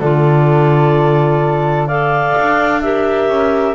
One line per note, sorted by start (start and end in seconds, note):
0.00 2.35 D3
0.00 1.89 F4
0.00 1.88 A4
0.00 1.88 D5
1.88 2.83 A4
1.88 2.81 D5
1.88 2.82 F5
2.37 3.29 D4
2.82 3.75 G4
2.82 3.75 A#4
2.82 3.75 E5
3.29 3.75 C#4